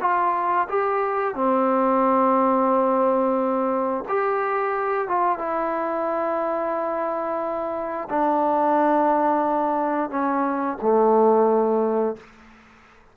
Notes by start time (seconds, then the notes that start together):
0.00 F4
0.69 G4
1.35 C4
4.08 G4
5.08 F4
5.38 E4
8.10 D4
10.10 C#4
10.81 A3